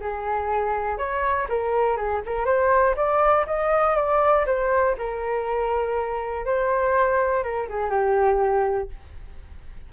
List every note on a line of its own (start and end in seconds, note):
0.00 0.98 G#4
0.98 1.47 C#5
1.49 1.96 A#4
1.96 2.21 G#4
2.26 2.45 A#4
2.45 2.95 C5
2.96 3.46 D5
3.46 3.96 D#5
3.96 4.45 D5
4.46 4.96 C5
4.98 6.45 A#4
6.45 7.43 C5
7.43 7.68 A#4
7.69 7.90 G#4
7.90 8.89 G4